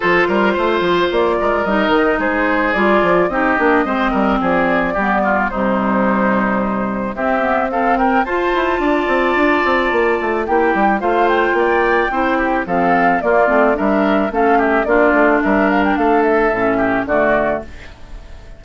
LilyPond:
<<
  \new Staff \with { instrumentName = "flute" } { \time 4/4 \tempo 4 = 109 c''2 d''4 dis''4 | c''4 d''4 dis''2 | d''2 c''2~ | c''4 e''4 f''8 g''8 a''4~ |
a''2. g''4 | f''8 g''2~ g''8 f''4 | d''4 e''4 f''8 e''8 d''4 | e''8 f''16 g''16 f''8 e''4. d''4 | }
  \new Staff \with { instrumentName = "oboe" } { \time 4/4 a'8 ais'8 c''4. ais'4. | gis'2 g'4 c''8 ais'8 | gis'4 g'8 f'8 dis'2~ | dis'4 g'4 a'8 ais'8 c''4 |
d''2. g'4 | c''4 d''4 c''8 g'8 a'4 | f'4 ais'4 a'8 g'8 f'4 | ais'4 a'4. g'8 fis'4 | }
  \new Staff \with { instrumentName = "clarinet" } { \time 4/4 f'2. dis'4~ | dis'4 f'4 dis'8 d'8 c'4~ | c'4 b4 g2~ | g4 c'8 b8 c'4 f'4~ |
f'2. e'4 | f'2 e'4 c'4 | ais8 c'8 d'4 cis'4 d'4~ | d'2 cis'4 a4 | }
  \new Staff \with { instrumentName = "bassoon" } { \time 4/4 f8 g8 a8 f8 ais8 gis8 g8 dis8 | gis4 g8 f8 c'8 ais8 gis8 g8 | f4 g4 c2~ | c4 c'2 f'8 e'8 |
d'8 c'8 d'8 c'8 ais8 a8 ais8 g8 | a4 ais4 c'4 f4 | ais8 a8 g4 a4 ais8 a8 | g4 a4 a,4 d4 | }
>>